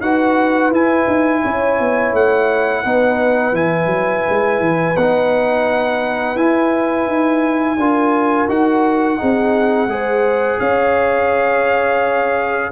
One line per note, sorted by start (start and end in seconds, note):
0.00 0.70 D#4
0.00 0.73 F#4
0.00 1.42 B4
0.00 0.72 F#5
0.70 1.05 E4
0.70 2.84 E4
0.70 2.15 G#5
1.07 1.43 D#4
1.42 1.80 C#4
1.42 2.83 C#5
1.80 2.13 B3
2.13 2.84 A3
2.13 3.55 F#5
2.83 3.52 B3
2.83 3.54 D#4
2.83 7.77 B4
3.52 3.86 E3
3.52 4.95 E4
3.52 4.96 G#5
3.86 4.21 F#3
4.29 4.60 G#3
4.60 4.95 E3
4.96 6.36 B3
4.96 6.36 D#4
4.96 6.36 F#5
6.36 7.06 E4
6.36 7.77 E4
6.36 8.48 G#5
7.07 7.77 D#4
7.77 8.47 D4
7.77 8.48 F4
7.77 9.20 A#4
8.48 9.19 D#4
8.48 9.17 F#4
8.48 10.60 F#5
9.17 9.87 C4
9.17 9.88 D#4
9.17 9.90 G#4
9.87 10.58 G#3
9.87 12.71 G#4
9.87 10.60 C5
10.60 12.71 C#4
10.60 12.71 C#5
10.60 12.71 F5